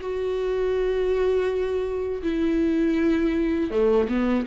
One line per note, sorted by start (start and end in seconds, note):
0.00 2.22 F#4
2.23 3.71 E4
3.71 4.08 A3
4.08 4.45 B3